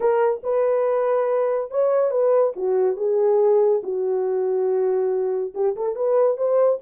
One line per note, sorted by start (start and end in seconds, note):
0.00 0.41 A#4
0.43 1.70 B4
1.70 2.10 C#5
2.10 2.53 B4
2.56 2.96 F#4
2.96 3.81 G#4
3.83 5.53 F#4
5.54 5.75 G4
5.76 5.95 A4
5.95 6.37 B4
6.37 6.79 C5